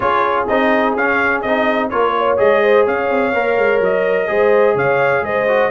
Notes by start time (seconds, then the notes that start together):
0.00 C#4 F4 G#4 C#5
0.47 C4 D#4 D#5
0.96 C#4 F5
1.41 C4 D#4 D#5
1.89 A#3 F4 A#4 C#5
2.17 C#5
2.37 G#3 G#4 D#5
2.63 C5
2.85 C#4 C#5 F5
3.10 C4
3.33 A#3 A#4
3.57 G#3
3.80 F#3 D#5
4.27 G#3 G#4 C5
4.75 C#3 C#5 F5
5.21 G#3 C5 D#5
5.47 F#4